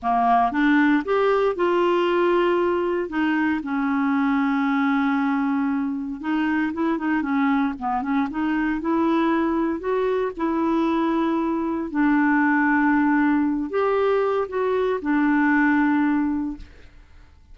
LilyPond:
\new Staff \with { instrumentName = "clarinet" } { \time 4/4 \tempo 4 = 116 ais4 d'4 g'4 f'4~ | f'2 dis'4 cis'4~ | cis'1 | dis'4 e'8 dis'8 cis'4 b8 cis'8 |
dis'4 e'2 fis'4 | e'2. d'4~ | d'2~ d'8 g'4. | fis'4 d'2. | }